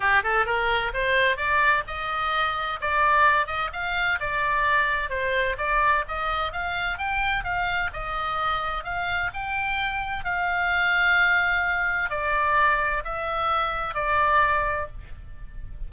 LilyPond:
\new Staff \with { instrumentName = "oboe" } { \time 4/4 \tempo 4 = 129 g'8 a'8 ais'4 c''4 d''4 | dis''2 d''4. dis''8 | f''4 d''2 c''4 | d''4 dis''4 f''4 g''4 |
f''4 dis''2 f''4 | g''2 f''2~ | f''2 d''2 | e''2 d''2 | }